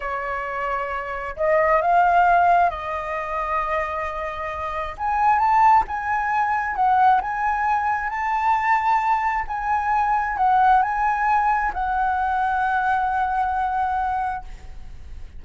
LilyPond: \new Staff \with { instrumentName = "flute" } { \time 4/4 \tempo 4 = 133 cis''2. dis''4 | f''2 dis''2~ | dis''2. gis''4 | a''4 gis''2 fis''4 |
gis''2 a''2~ | a''4 gis''2 fis''4 | gis''2 fis''2~ | fis''1 | }